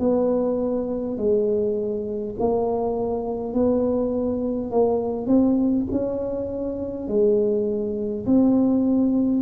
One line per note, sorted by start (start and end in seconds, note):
0.00 1.18 B3
1.18 2.35 G#3
2.40 3.54 A#3
3.54 4.72 B3
4.72 5.27 A#3
5.27 5.86 C4
5.92 7.08 C#4
7.08 8.26 G#3
8.26 9.42 C4